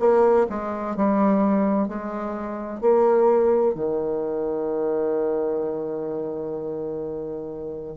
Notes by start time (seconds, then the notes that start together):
0.00 A#3
0.50 G#3
0.97 G3
1.88 G#3
2.81 A#3
3.75 D#3